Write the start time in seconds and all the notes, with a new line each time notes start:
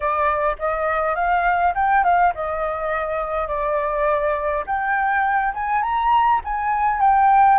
0.00 D5
0.58 D#5
1.15 F5
1.74 G5
2.04 F5
2.34 D#5
3.47 D5
4.66 G5
5.54 G#5
5.82 A#5
6.44 G#5
7.00 G5